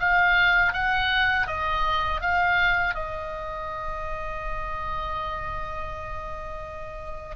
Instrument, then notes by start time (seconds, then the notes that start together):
oboe
0.00 F5
0.73 F#5
1.47 D#5
2.21 F5
2.94 D#5